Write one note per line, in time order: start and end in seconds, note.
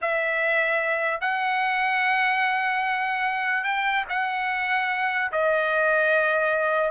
0.01 1.20 E5
1.20 3.64 F#5
3.64 4.05 G5
4.09 5.31 F#5
5.32 6.91 D#5